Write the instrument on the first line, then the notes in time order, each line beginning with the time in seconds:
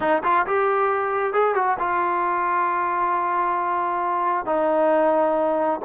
trombone
0.00 D#4
0.23 F4
0.46 G4
1.33 G#4
1.54 F#4
1.79 F4
4.45 D#4